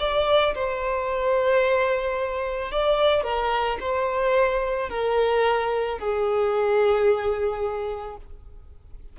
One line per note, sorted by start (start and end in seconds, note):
0.00 0.55 D5
0.55 2.72 C5
2.72 3.24 D5
3.24 3.78 A#4
3.81 4.90 C5
4.90 5.99 A#4
5.99 8.17 G#4